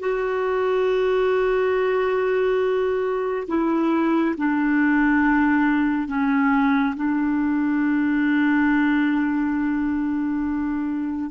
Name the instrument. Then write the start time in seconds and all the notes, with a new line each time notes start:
clarinet
0.00 F#4
3.48 E4
4.37 D4
6.08 C#4
6.96 D4